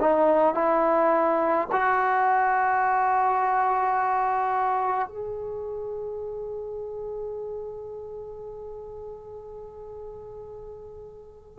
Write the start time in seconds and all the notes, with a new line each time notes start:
0.00 D#4
0.54 E4
1.71 F#4
5.07 G#4